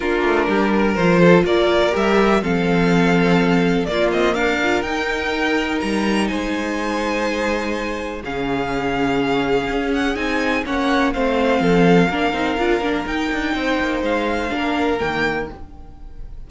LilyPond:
<<
  \new Staff \with { instrumentName = "violin" } { \time 4/4 \tempo 4 = 124 ais'2 c''4 d''4 | e''4 f''2. | d''8 dis''8 f''4 g''2 | ais''4 gis''2.~ |
gis''4 f''2.~ | f''8 fis''8 gis''4 fis''4 f''4~ | f''2. g''4~ | g''4 f''2 g''4 | }
  \new Staff \with { instrumentName = "violin" } { \time 4/4 f'4 g'8 ais'4 a'8 ais'4~ | ais'4 a'2. | f'4 ais'2.~ | ais'4 c''2.~ |
c''4 gis'2.~ | gis'2 cis''4 c''4 | a'4 ais'2. | c''2 ais'2 | }
  \new Staff \with { instrumentName = "viola" } { \time 4/4 d'2 f'2 | g'4 c'2. | ais4. f'8 dis'2~ | dis'1~ |
dis'4 cis'2.~ | cis'4 dis'4 cis'4 c'4~ | c'4 d'8 dis'8 f'8 d'8 dis'4~ | dis'2 d'4 ais4 | }
  \new Staff \with { instrumentName = "cello" } { \time 4/4 ais8 a8 g4 f4 ais4 | g4 f2. | ais8 c'8 d'4 dis'2 | g4 gis2.~ |
gis4 cis2. | cis'4 c'4 ais4 a4 | f4 ais8 c'8 d'8 ais8 dis'8 d'8 | c'8 ais8 gis4 ais4 dis4 | }
>>